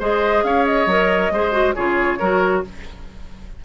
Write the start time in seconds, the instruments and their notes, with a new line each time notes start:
0.00 bassoon G#3, clarinet G#4, oboe C5, flute D#5
0.44 bassoon C#4, oboe C#5, flute F5
0.66 flute D#5
0.87 bassoon F#3, clarinet A#4
1.31 bassoon G#3, clarinet G#4, oboe C5
1.52 clarinet F#4
1.75 bassoon C#3, clarinet F4, oboe G#4, flute C#5
2.19 bassoon F#3, clarinet F#4, oboe A#4